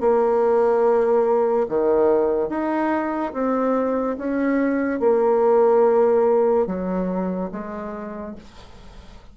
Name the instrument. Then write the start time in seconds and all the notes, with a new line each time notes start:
bassoon
0.00 A#3
1.69 D#3
2.49 D#4
3.33 C4
4.17 C#4
5.00 A#3
6.66 F#3
7.52 G#3